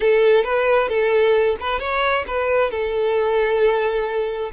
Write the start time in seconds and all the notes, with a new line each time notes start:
0.00 A4
0.44 B4
0.88 A4
1.60 B4
1.79 C#5
2.27 B4
2.70 A4